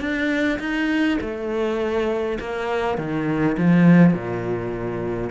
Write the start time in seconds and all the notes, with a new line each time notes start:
0.00 D4
0.59 D#4
1.21 A3
2.40 A#3
2.98 D#3
3.57 F3
4.13 A#2